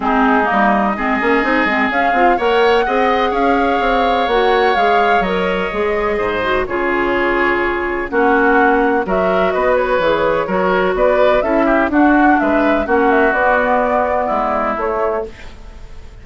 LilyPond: <<
  \new Staff \with { instrumentName = "flute" } { \time 4/4 \tempo 4 = 126 gis'4 dis''2. | f''4 fis''2 f''4~ | f''4 fis''4 f''4 dis''4~ | dis''2 cis''2~ |
cis''4 fis''2 e''4 | dis''8 cis''2~ cis''8 d''4 | e''4 fis''4 e''4 fis''8 e''8 | d''2. cis''4 | }
  \new Staff \with { instrumentName = "oboe" } { \time 4/4 dis'2 gis'2~ | gis'4 cis''4 dis''4 cis''4~ | cis''1~ | cis''4 c''4 gis'2~ |
gis'4 fis'2 ais'4 | b'2 ais'4 b'4 | a'8 g'8 fis'4 b'4 fis'4~ | fis'2 e'2 | }
  \new Staff \with { instrumentName = "clarinet" } { \time 4/4 c'4 ais4 c'8 cis'8 dis'8 c'8 | cis'8 f'8 ais'4 gis'2~ | gis'4 fis'4 gis'4 ais'4 | gis'4. fis'8 f'2~ |
f'4 cis'2 fis'4~ | fis'4 gis'4 fis'2 | e'4 d'2 cis'4 | b2. a4 | }
  \new Staff \with { instrumentName = "bassoon" } { \time 4/4 gis4 g4 gis8 ais8 c'8 gis8 | cis'8 c'8 ais4 c'4 cis'4 | c'4 ais4 gis4 fis4 | gis4 gis,4 cis2~ |
cis4 ais2 fis4 | b4 e4 fis4 b4 | cis'4 d'4 gis4 ais4 | b2 gis4 a4 | }
>>